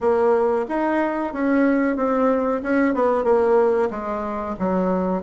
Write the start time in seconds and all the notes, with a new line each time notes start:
0.00 A#3
0.68 D#4
1.33 C#4
1.96 C4
2.63 C#4
2.94 B3
3.23 A#3
3.90 G#3
4.59 F#3